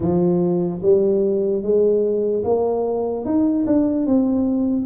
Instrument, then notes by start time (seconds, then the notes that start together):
tuba
0.00 F3
0.82 G3
1.62 G#3
2.44 A#3
3.25 D#4
3.66 D4
4.06 C4